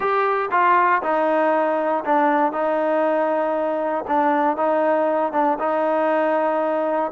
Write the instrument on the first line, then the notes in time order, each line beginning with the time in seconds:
trombone
0.00 G4
0.51 F4
1.02 D#4
2.04 D4
2.52 D#4
4.07 D4
4.56 D#4
5.32 D4
5.59 D#4